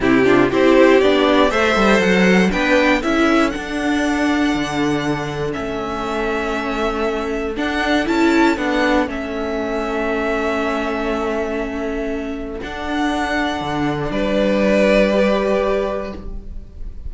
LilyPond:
<<
  \new Staff \with { instrumentName = "violin" } { \time 4/4 \tempo 4 = 119 g'4 c''4 d''4 e''4 | fis''4 g''4 e''4 fis''4~ | fis''2. e''4~ | e''2. fis''4 |
a''4 fis''4 e''2~ | e''1~ | e''4 fis''2. | d''1 | }
  \new Staff \with { instrumentName = "violin" } { \time 4/4 e'8 f'8 g'2 c''4~ | c''4 b'4 a'2~ | a'1~ | a'1~ |
a'1~ | a'1~ | a'1 | b'1 | }
  \new Staff \with { instrumentName = "viola" } { \time 4/4 c'8 d'8 e'4 d'4 a'4~ | a'4 d'4 e'4 d'4~ | d'2. cis'4~ | cis'2. d'4 |
e'4 d'4 cis'2~ | cis'1~ | cis'4 d'2.~ | d'2 g'2 | }
  \new Staff \with { instrumentName = "cello" } { \time 4/4 c4 c'4 b4 a8 g8 | fis4 b4 cis'4 d'4~ | d'4 d2 a4~ | a2. d'4 |
cis'4 b4 a2~ | a1~ | a4 d'2 d4 | g1 | }
>>